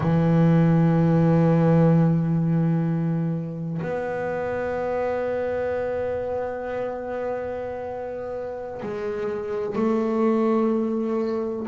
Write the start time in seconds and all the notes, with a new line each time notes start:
0.00 E3
3.81 B3
8.82 G#3
9.75 A3